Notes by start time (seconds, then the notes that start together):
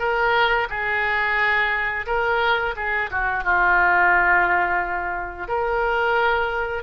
0.00 A#4
0.70 G#4
2.07 A#4
2.77 G#4
3.11 F#4
3.45 F4
5.49 A#4